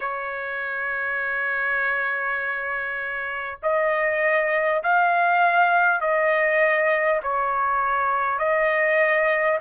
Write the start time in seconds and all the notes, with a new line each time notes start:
0.00 C#5
3.62 D#5
4.83 F5
6.00 D#5
7.22 C#5
8.38 D#5